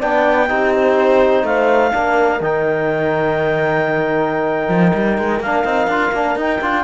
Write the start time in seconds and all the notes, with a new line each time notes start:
0.00 B3 D4 D5 G5
0.48 C4 D#4 G4
0.74 C5
1.43 A3 C5 F5
1.92 A#3 D4 A#4
2.40 D#3 D#4 G5
4.68 F3
4.94 G3
5.18 G#3
5.40 A#3 D4 F5
5.65 C4 D#4
5.87 D4 F4
6.12 A#3 D4
6.35 D#4 G5
6.61 D4 F4